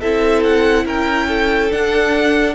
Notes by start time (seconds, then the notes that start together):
0.00 C4 E4 A4 E5
0.43 F#5
0.85 C#4 A#4 G5
1.27 A4
1.70 D4 F#5